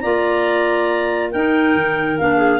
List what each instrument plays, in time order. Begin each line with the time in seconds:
0.00 tuba A#3, clarinet F4 D5 A#5
1.31 tuba D#4, clarinet D#4 A#4 G5
1.74 tuba D#3
2.18 tuba A#3, clarinet D4 F5
2.36 clarinet G#4